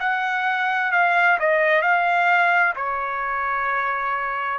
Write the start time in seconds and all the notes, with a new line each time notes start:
0.00 F#5
0.92 F5
1.40 D#5
1.82 F5
2.77 C#5